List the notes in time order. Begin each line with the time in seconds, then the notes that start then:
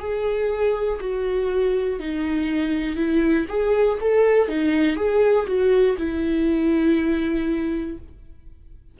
0.00 G#4
1.00 F#4
2.00 D#4
2.97 E4
3.49 G#4
4.01 A4
4.48 D#4
4.97 G#4
5.47 F#4
5.98 E4